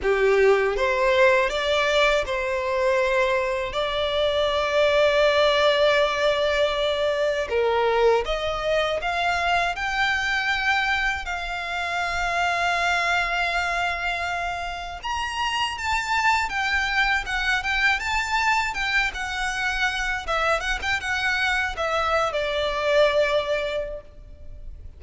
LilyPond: \new Staff \with { instrumentName = "violin" } { \time 4/4 \tempo 4 = 80 g'4 c''4 d''4 c''4~ | c''4 d''2.~ | d''2 ais'4 dis''4 | f''4 g''2 f''4~ |
f''1 | ais''4 a''4 g''4 fis''8 g''8 | a''4 g''8 fis''4. e''8 fis''16 g''16 | fis''4 e''8. d''2~ d''16 | }